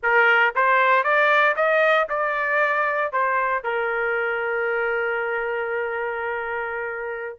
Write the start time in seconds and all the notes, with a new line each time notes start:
0.02 A#4
0.55 C5
1.03 D5
1.56 D#5
2.09 D5
3.12 C5
3.63 A#4